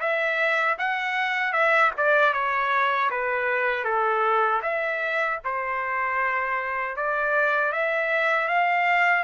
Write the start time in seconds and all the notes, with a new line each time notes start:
0.00 E5
0.79 F#5
1.53 E5
1.97 D5
2.33 C#5
3.10 B4
3.85 A4
4.63 E5
5.44 C5
6.97 D5
7.73 E5
8.48 F5